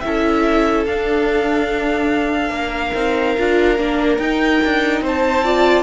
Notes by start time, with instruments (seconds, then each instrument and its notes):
0.00 cello C#4, viola E4, violin A4 E5
0.86 cello D4, viola D4, violin F5
2.49 cello A#3, violin A#4
2.94 cello C4, viola D#4
3.38 cello D4, viola F4
3.77 cello A#3, viola D4
4.18 cello D#4, viola D#4, violin G5
4.64 cello D4
5.00 cello C4, violin C5
5.07 violin A5
5.44 viola F4, violin D5